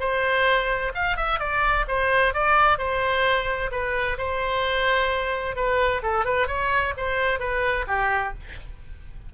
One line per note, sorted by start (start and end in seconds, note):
0.00 0.92 C5
0.95 1.17 F5
1.17 1.39 E5
1.39 1.85 D5
1.88 2.34 C5
2.34 2.78 D5
2.78 3.71 C5
3.71 4.17 B4
4.18 5.56 C5
5.56 6.02 B4
6.03 6.25 A4
6.25 6.48 B4
6.48 6.94 C#5
6.97 7.40 C5
7.40 7.86 B4
7.87 8.33 G4